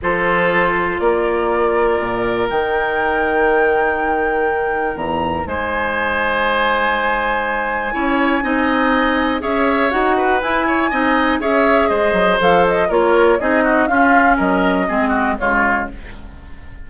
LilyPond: <<
  \new Staff \with { instrumentName = "flute" } { \time 4/4 \tempo 4 = 121 c''2 d''2~ | d''4 g''2.~ | g''2 ais''4 gis''4~ | gis''1~ |
gis''2. e''4 | fis''4 gis''2 e''4 | dis''4 f''8 dis''8 cis''4 dis''4 | f''4 dis''2 cis''4 | }
  \new Staff \with { instrumentName = "oboe" } { \time 4/4 a'2 ais'2~ | ais'1~ | ais'2. c''4~ | c''1 |
cis''4 dis''2 cis''4~ | cis''8 b'4 cis''8 dis''4 cis''4 | c''2 ais'4 gis'8 fis'8 | f'4 ais'4 gis'8 fis'8 f'4 | }
  \new Staff \with { instrumentName = "clarinet" } { \time 4/4 f'1~ | f'4 dis'2.~ | dis'1~ | dis'1 |
e'4 dis'2 gis'4 | fis'4 e'4 dis'4 gis'4~ | gis'4 a'4 f'4 dis'4 | cis'2 c'4 gis4 | }
  \new Staff \with { instrumentName = "bassoon" } { \time 4/4 f2 ais2 | ais,4 dis2.~ | dis2 e,4 gis4~ | gis1 |
cis'4 c'2 cis'4 | dis'4 e'4 c'4 cis'4 | gis8 fis8 f4 ais4 c'4 | cis'4 fis4 gis4 cis4 | }
>>